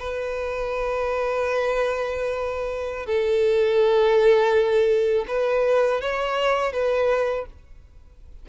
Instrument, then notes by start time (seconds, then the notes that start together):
violin
0.00 B4
3.07 A4
5.28 B4
6.02 C#5
6.73 B4